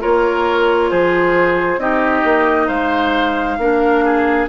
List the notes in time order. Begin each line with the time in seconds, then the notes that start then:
0.00 A#3 F4 A#4 C#5
0.90 F3 G#4 C5
1.78 C4 D#4 G4 D#5
2.24 A#3
2.67 G#3 C5 F5
3.58 A#3 D4 A#4
4.04 G#4